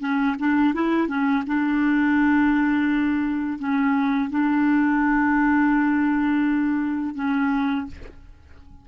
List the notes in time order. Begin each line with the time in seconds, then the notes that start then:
0.00 C#4
0.39 D4
0.74 E4
1.08 C#4
1.46 D4
3.59 C#4
4.30 D4
7.15 C#4